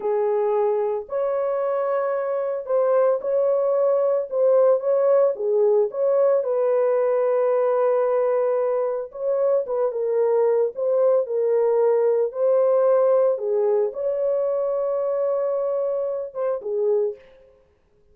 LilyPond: \new Staff \with { instrumentName = "horn" } { \time 4/4 \tempo 4 = 112 gis'2 cis''2~ | cis''4 c''4 cis''2 | c''4 cis''4 gis'4 cis''4 | b'1~ |
b'4 cis''4 b'8 ais'4. | c''4 ais'2 c''4~ | c''4 gis'4 cis''2~ | cis''2~ cis''8 c''8 gis'4 | }